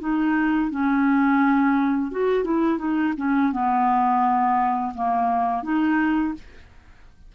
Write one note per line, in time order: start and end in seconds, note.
0.00 0.71 D#4
0.71 2.12 C#4
2.12 2.44 F#4
2.44 2.78 E4
2.78 3.13 D#4
3.17 3.52 C#4
3.52 4.93 B3
4.95 5.63 A#3
5.63 6.34 D#4